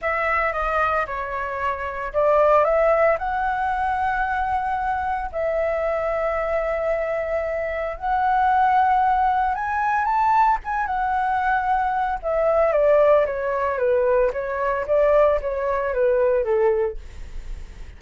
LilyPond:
\new Staff \with { instrumentName = "flute" } { \time 4/4 \tempo 4 = 113 e''4 dis''4 cis''2 | d''4 e''4 fis''2~ | fis''2 e''2~ | e''2. fis''4~ |
fis''2 gis''4 a''4 | gis''8 fis''2~ fis''8 e''4 | d''4 cis''4 b'4 cis''4 | d''4 cis''4 b'4 a'4 | }